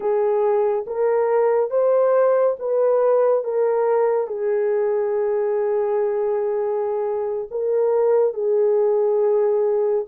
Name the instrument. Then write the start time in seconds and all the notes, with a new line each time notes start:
horn
0.00 G#4
0.86 A#4
1.70 C5
2.59 B4
3.44 A#4
4.27 G#4
7.50 A#4
8.33 G#4